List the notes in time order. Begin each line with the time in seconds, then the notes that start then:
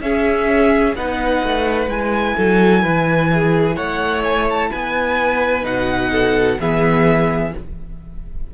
0.00 C#4 G#4 E5
0.95 B3 D#4 B4 F#5
1.43 A3
1.87 G#3 E4 G#5
2.36 F#3 A4
2.82 E3 B4
3.33 G#4
3.75 A3 C#5 F#5
4.23 G#5
4.49 A5
4.70 B3 B4 G#5
5.62 B2 D#4 F#5
6.11 A4
6.59 E3 B3 G#4 E5